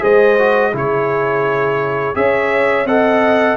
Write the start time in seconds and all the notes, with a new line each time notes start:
0.00 G#3 G#4 C5 D#5
0.38 F#4
0.73 C#3 E4 G#4 C#5
2.14 C#4 G#4 C#5 E5
2.85 C4 A4 D#5 F#5